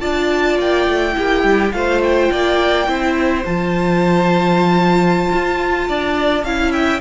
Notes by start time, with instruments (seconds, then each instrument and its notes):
0.00 cello D4, viola F4, violin D5 A5
0.58 cello A#3, violin G5
0.87 cello A3
1.13 cello A#3, viola E4, violin G4
1.43 cello G3
1.72 cello A3, viola F4, violin C5 F5
2.03 violin G5
2.31 cello A#3, violin D5
2.87 cello C4, viola E4, violin C5
3.45 cello F3, viola F4, violin A5
5.33 cello F4
5.88 cello D4, violin D5
6.43 cello C#4, viola E4, violin F5
6.72 violin E5 G5